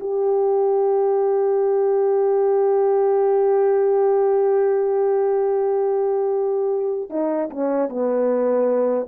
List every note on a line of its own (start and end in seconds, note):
0.00 7.10 G4
7.10 7.49 D#4
7.50 7.89 C#4
7.89 9.07 B3